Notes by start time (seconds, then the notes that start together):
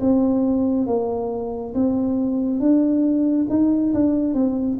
0.00 C4
0.87 A#3
1.74 C4
2.59 D4
3.49 D#4
3.93 D4
4.34 C4